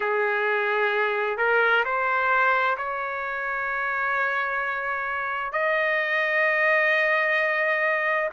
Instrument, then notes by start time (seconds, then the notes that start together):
trumpet
0.00 G#4
1.37 A#4
1.84 C5
2.77 C#5
5.52 D#5